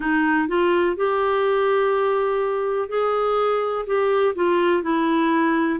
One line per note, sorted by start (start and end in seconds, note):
0.00 0.48 D#4
0.48 0.96 F4
0.96 2.89 G4
2.89 3.85 G#4
3.86 4.34 G4
4.35 4.83 F4
4.83 5.79 E4